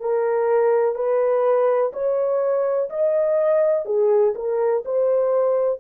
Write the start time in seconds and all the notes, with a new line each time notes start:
0.00 A#4
0.95 B4
1.93 C#5
2.90 D#5
3.86 G#4
4.35 A#4
4.85 C5